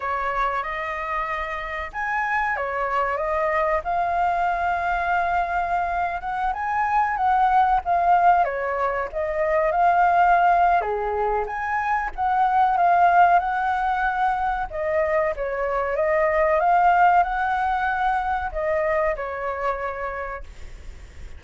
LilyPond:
\new Staff \with { instrumentName = "flute" } { \time 4/4 \tempo 4 = 94 cis''4 dis''2 gis''4 | cis''4 dis''4 f''2~ | f''4.~ f''16 fis''8 gis''4 fis''8.~ | fis''16 f''4 cis''4 dis''4 f''8.~ |
f''4 gis'4 gis''4 fis''4 | f''4 fis''2 dis''4 | cis''4 dis''4 f''4 fis''4~ | fis''4 dis''4 cis''2 | }